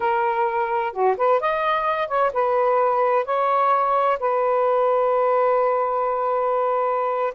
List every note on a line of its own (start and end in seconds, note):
0.00 0.92 A#4
0.92 1.16 F#4
1.17 1.40 B4
1.40 2.08 D#5
2.08 2.31 C#5
2.33 3.25 B4
3.25 4.18 C#5
4.19 7.33 B4